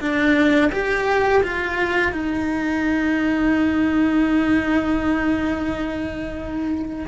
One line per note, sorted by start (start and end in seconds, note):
0.00 0.71 D4
0.72 1.42 G4
1.43 2.12 F4
2.12 7.06 D#4